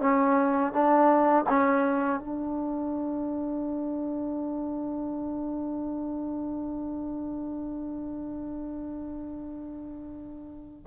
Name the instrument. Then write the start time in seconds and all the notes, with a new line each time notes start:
trombone
0.00 C#4
0.72 D4
1.49 C#4
2.19 D4